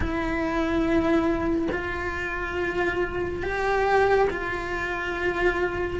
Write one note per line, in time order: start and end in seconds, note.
0.00 1.68 E4
1.71 3.42 F4
3.42 4.28 G4
4.30 6.00 F4